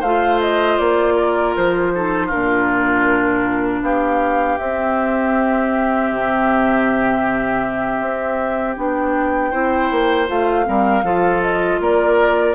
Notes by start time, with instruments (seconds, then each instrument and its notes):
0.00 bassoon A3, clarinet F4, oboe C5, flute F5
0.41 flute D#5
0.78 bassoon A#3, flute D5
1.16 oboe A#4
1.56 bassoon F3, flute C5
1.95 clarinet D#4, oboe A4
2.27 clarinet D4, oboe F4, flute A#4
2.33 bassoon A#2
3.82 bassoon B3, oboe G4, flute F5
4.58 clarinet C4, bassoon C4, flute E5
6.12 bassoon C3
8.01 bassoon C4
8.76 bassoon B3, clarinet D4, flute G5
9.51 bassoon C4, clarinet E4, oboe C5
9.91 bassoon A#3
10.27 bassoon A3, clarinet F4, flute F5
10.65 bassoon G3, clarinet C4, oboe A#4
11.03 bassoon F3, clarinet F4, oboe A4
11.42 flute D#5
11.80 bassoon A#3, oboe A#4, flute D5